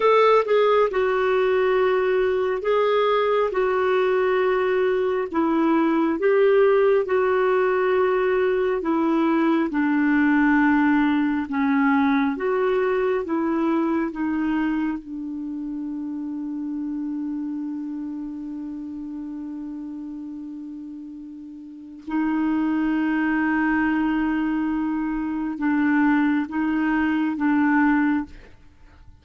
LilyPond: \new Staff \with { instrumentName = "clarinet" } { \time 4/4 \tempo 4 = 68 a'8 gis'8 fis'2 gis'4 | fis'2 e'4 g'4 | fis'2 e'4 d'4~ | d'4 cis'4 fis'4 e'4 |
dis'4 d'2.~ | d'1~ | d'4 dis'2.~ | dis'4 d'4 dis'4 d'4 | }